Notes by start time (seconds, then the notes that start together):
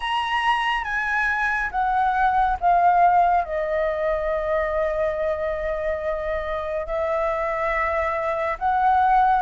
0.00 A#5
0.84 G#5
1.71 F#5
2.60 F5
3.44 D#5
6.86 E5
8.58 F#5